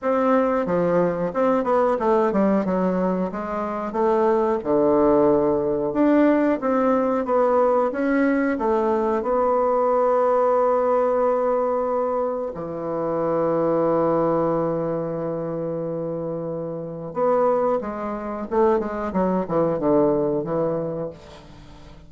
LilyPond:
\new Staff \with { instrumentName = "bassoon" } { \time 4/4 \tempo 4 = 91 c'4 f4 c'8 b8 a8 g8 | fis4 gis4 a4 d4~ | d4 d'4 c'4 b4 | cis'4 a4 b2~ |
b2. e4~ | e1~ | e2 b4 gis4 | a8 gis8 fis8 e8 d4 e4 | }